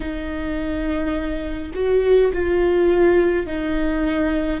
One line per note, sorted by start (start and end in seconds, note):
0.00 1.72 D#4
1.74 2.31 F#4
2.32 3.46 F4
3.46 4.60 D#4